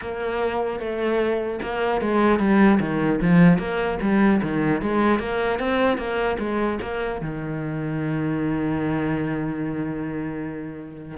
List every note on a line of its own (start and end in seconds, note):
0.01 0.79 A#3
0.79 1.59 A3
1.62 2.01 A#3
2.01 2.39 G#3
2.39 2.79 G3
2.80 3.20 D#3
3.21 3.58 F3
3.58 3.98 A#3
4.01 4.41 G3
4.42 4.81 D#3
4.81 5.19 G#3
5.19 5.59 A#3
5.59 5.97 C4
5.97 6.37 A#3
6.39 6.79 G#3
6.81 7.21 A#3
7.21 11.17 D#3